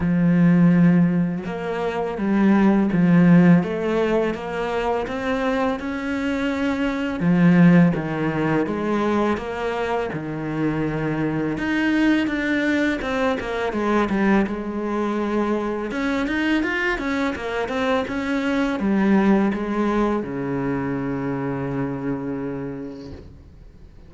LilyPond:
\new Staff \with { instrumentName = "cello" } { \time 4/4 \tempo 4 = 83 f2 ais4 g4 | f4 a4 ais4 c'4 | cis'2 f4 dis4 | gis4 ais4 dis2 |
dis'4 d'4 c'8 ais8 gis8 g8 | gis2 cis'8 dis'8 f'8 cis'8 | ais8 c'8 cis'4 g4 gis4 | cis1 | }